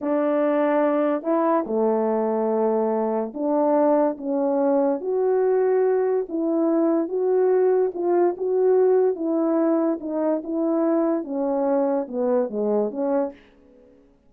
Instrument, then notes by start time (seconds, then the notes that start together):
horn
0.01 D4
1.22 E4
1.66 A3
3.34 D4
4.17 C#4
5.01 F#4
6.28 E4
7.08 F#4
7.94 F4
8.37 F#4
9.15 E4
10.00 D#4
10.43 E4
11.23 C#4
12.07 B3
12.49 G#3
12.90 C#4